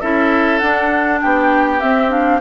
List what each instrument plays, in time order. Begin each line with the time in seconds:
0.00 bassoon C#4, clarinet E4, oboe A4, flute E5
0.58 clarinet D4, bassoon D4, flute F#5
1.21 bassoon B3, oboe G4, flute G5
1.80 clarinet C4, bassoon C4, flute E5
2.09 clarinet D4, flute F5